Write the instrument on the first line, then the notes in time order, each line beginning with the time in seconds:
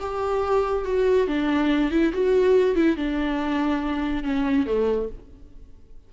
viola
0.00 G4
0.85 F#4
1.28 D4
1.91 E4
2.14 F#4
2.76 E4
2.97 D4
4.24 C#4
4.66 A3